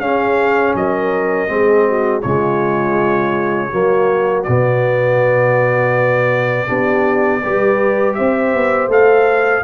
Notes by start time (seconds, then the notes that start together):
0.00 C#4 G#4 F5
0.75 F#3 A#4 D#5
1.47 G#3 C4
1.53 G#4
1.88 F#4
2.21 C#3 G#3 F4 C#5
3.70 F#3 A#3 F#4
4.44 B2 B3 D5
6.67 B3 D4 G4
7.42 G3 G4 B4
8.14 C4 C5 E5
8.54 B3
8.88 A3 A4 F5